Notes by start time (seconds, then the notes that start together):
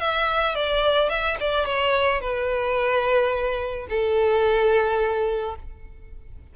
0.00 E5
0.55 D5
1.09 E5
1.40 D5
1.65 C#5
2.20 B4
3.89 A4